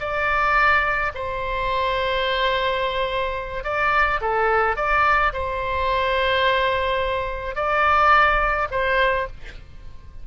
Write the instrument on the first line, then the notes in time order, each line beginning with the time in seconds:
oboe
0.00 D5
1.15 C5
3.64 D5
4.22 A4
4.77 D5
5.33 C5
7.56 D5
8.71 C5